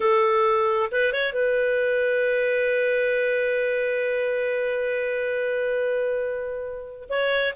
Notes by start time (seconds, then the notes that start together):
0.00 A4
0.91 B4
1.13 C#5
1.32 B4
7.09 C#5